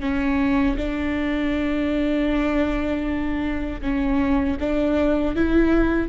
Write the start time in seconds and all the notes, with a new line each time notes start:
0.00 C#4
0.77 D4
3.81 C#4
4.60 D4
5.35 E4